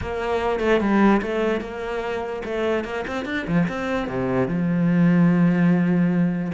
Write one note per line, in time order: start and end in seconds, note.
0.01 0.60 A#3
0.60 0.80 A3
0.80 1.21 G3
1.22 1.60 A3
1.60 2.42 A#3
2.45 2.84 A3
2.84 3.04 A#3
3.07 3.25 C4
3.25 3.45 D4
3.47 3.67 F3
3.68 4.08 C4
4.08 4.48 C3
4.48 6.52 F3